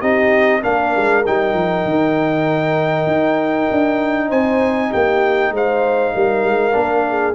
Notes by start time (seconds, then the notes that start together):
0.00 C4 D#4 G4 D#5
0.62 A#3 D4 A#4 F5
0.96 G#3
1.26 G3 D#4 G5
1.53 F3
1.85 D#3
3.06 D#4
3.71 D4
4.28 C4 C5 G#5
4.90 A#3 G4 G5
5.51 G#3 C5 F5
6.13 G3 A#4
6.43 G#3
6.72 A#3 D4
7.08 G#4